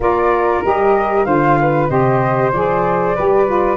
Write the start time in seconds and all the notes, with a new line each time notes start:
0.00 A#3 F4 A#4 D5
0.64 G3 G4 D#5
1.24 D3 F4 C5 F5
1.60 B4
1.88 C3 G4 C5 D#5
2.52 F3 G#4 D5
3.15 G3 G4 B4
3.46 F4